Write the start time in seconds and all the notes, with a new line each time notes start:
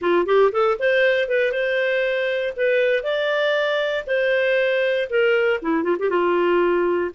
0.01 F4
0.25 G4
0.52 A4
0.79 C5
1.28 B4
1.52 C5
2.56 B4
3.03 D5
4.07 C5
5.09 A#4
5.62 E4
5.83 F4
5.99 G4
6.09 F4